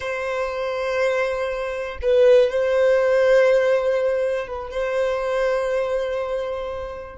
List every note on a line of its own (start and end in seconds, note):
0.00 1.98 C5
2.02 2.50 B4
2.50 4.47 C5
4.47 4.70 B4
4.70 7.17 C5